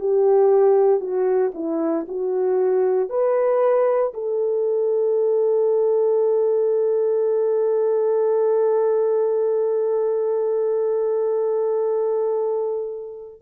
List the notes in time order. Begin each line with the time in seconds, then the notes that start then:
0.00 G4
1.00 F#4
1.54 E4
2.08 F#4
3.09 B4
4.14 A4